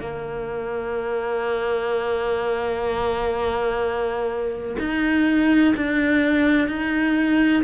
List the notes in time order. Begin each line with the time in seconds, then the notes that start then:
0.00 A#3
4.79 D#4
5.76 D4
6.68 D#4